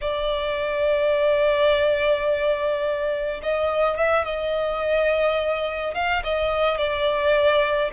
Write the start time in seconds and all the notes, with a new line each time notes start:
0.01 D5
3.42 D#5
3.97 E5
4.25 D#5
5.94 F5
6.23 D#5
6.77 D5